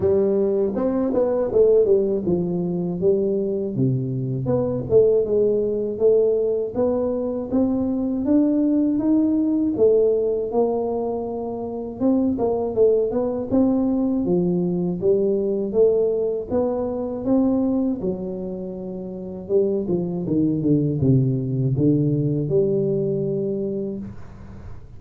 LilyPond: \new Staff \with { instrumentName = "tuba" } { \time 4/4 \tempo 4 = 80 g4 c'8 b8 a8 g8 f4 | g4 c4 b8 a8 gis4 | a4 b4 c'4 d'4 | dis'4 a4 ais2 |
c'8 ais8 a8 b8 c'4 f4 | g4 a4 b4 c'4 | fis2 g8 f8 dis8 d8 | c4 d4 g2 | }